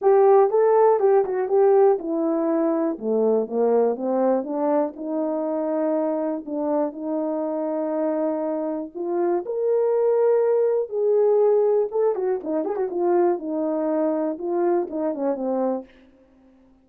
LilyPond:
\new Staff \with { instrumentName = "horn" } { \time 4/4 \tempo 4 = 121 g'4 a'4 g'8 fis'8 g'4 | e'2 a4 ais4 | c'4 d'4 dis'2~ | dis'4 d'4 dis'2~ |
dis'2 f'4 ais'4~ | ais'2 gis'2 | a'8 fis'8 dis'8 gis'16 fis'16 f'4 dis'4~ | dis'4 f'4 dis'8 cis'8 c'4 | }